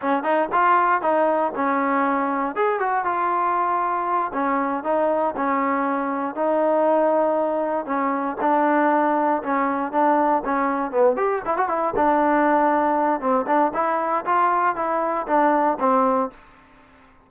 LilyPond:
\new Staff \with { instrumentName = "trombone" } { \time 4/4 \tempo 4 = 118 cis'8 dis'8 f'4 dis'4 cis'4~ | cis'4 gis'8 fis'8 f'2~ | f'8 cis'4 dis'4 cis'4.~ | cis'8 dis'2. cis'8~ |
cis'8 d'2 cis'4 d'8~ | d'8 cis'4 b8 g'8 e'16 fis'16 e'8 d'8~ | d'2 c'8 d'8 e'4 | f'4 e'4 d'4 c'4 | }